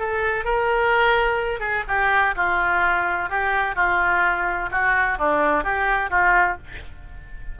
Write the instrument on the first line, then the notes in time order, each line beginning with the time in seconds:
oboe
0.00 A4
0.45 A#4
1.60 G#4
1.89 G4
2.36 F4
3.30 G4
3.76 F4
4.71 F#4
5.19 D4
5.64 G4
6.11 F4